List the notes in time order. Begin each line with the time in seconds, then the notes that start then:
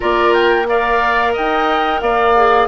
0.00 A#3 F4 A#4 D5
0.33 G5
0.67 A#4 D5 F5
1.33 D#4 D#5 G5
2.00 A#3 D5 F5
2.36 G#4